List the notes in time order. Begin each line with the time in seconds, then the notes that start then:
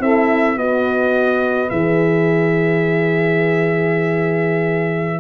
0.00 C4 E4 A4 E5
0.57 B3 F#4 B4 D#5
1.69 E3 G#4 E5